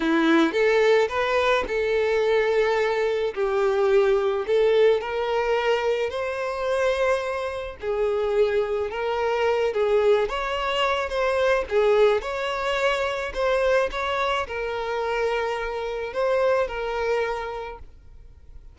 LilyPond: \new Staff \with { instrumentName = "violin" } { \time 4/4 \tempo 4 = 108 e'4 a'4 b'4 a'4~ | a'2 g'2 | a'4 ais'2 c''4~ | c''2 gis'2 |
ais'4. gis'4 cis''4. | c''4 gis'4 cis''2 | c''4 cis''4 ais'2~ | ais'4 c''4 ais'2 | }